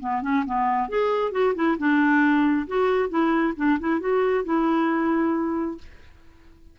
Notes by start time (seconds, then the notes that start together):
0.00 B3
0.22 C#4
0.46 B3
0.88 G#4
1.32 F#4
1.55 E4
1.78 D4
2.67 F#4
3.09 E4
3.56 D4
3.79 E4
4.00 F#4
4.44 E4